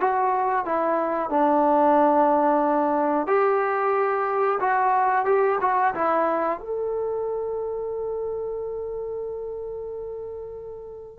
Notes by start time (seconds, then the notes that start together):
0.00 F#4
0.65 E4
1.29 D4
3.27 G4
4.60 F#4
5.25 G4
5.61 F#4
5.94 E4
6.59 A4